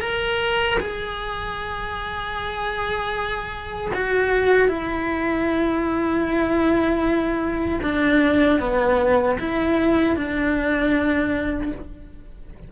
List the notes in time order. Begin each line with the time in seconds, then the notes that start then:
0.00 A#4
0.79 G#4
3.94 F#4
4.68 E4
7.82 D4
8.60 B3
9.39 E4
10.16 D4